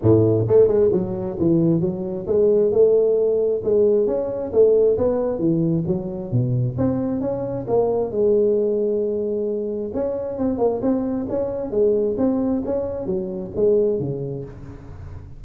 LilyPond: \new Staff \with { instrumentName = "tuba" } { \time 4/4 \tempo 4 = 133 a,4 a8 gis8 fis4 e4 | fis4 gis4 a2 | gis4 cis'4 a4 b4 | e4 fis4 b,4 c'4 |
cis'4 ais4 gis2~ | gis2 cis'4 c'8 ais8 | c'4 cis'4 gis4 c'4 | cis'4 fis4 gis4 cis4 | }